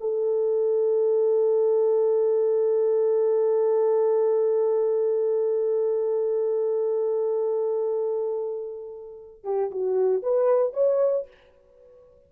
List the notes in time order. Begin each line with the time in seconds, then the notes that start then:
0.00 A4
9.43 G4
9.71 F#4
10.22 B4
10.73 C#5